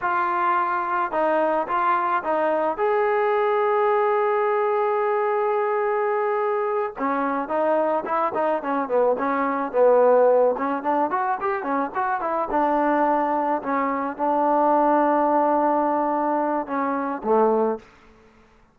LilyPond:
\new Staff \with { instrumentName = "trombone" } { \time 4/4 \tempo 4 = 108 f'2 dis'4 f'4 | dis'4 gis'2.~ | gis'1~ | gis'8 cis'4 dis'4 e'8 dis'8 cis'8 |
b8 cis'4 b4. cis'8 d'8 | fis'8 g'8 cis'8 fis'8 e'8 d'4.~ | d'8 cis'4 d'2~ d'8~ | d'2 cis'4 a4 | }